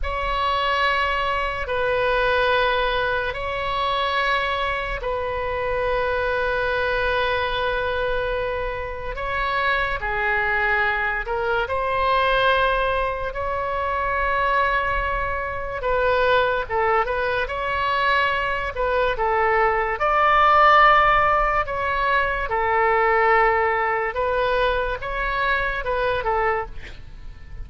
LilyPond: \new Staff \with { instrumentName = "oboe" } { \time 4/4 \tempo 4 = 72 cis''2 b'2 | cis''2 b'2~ | b'2. cis''4 | gis'4. ais'8 c''2 |
cis''2. b'4 | a'8 b'8 cis''4. b'8 a'4 | d''2 cis''4 a'4~ | a'4 b'4 cis''4 b'8 a'8 | }